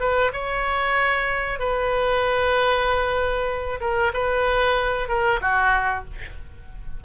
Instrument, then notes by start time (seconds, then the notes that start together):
oboe
0.00 B4
0.33 C#5
1.59 B4
3.81 A#4
4.14 B4
5.09 A#4
5.41 F#4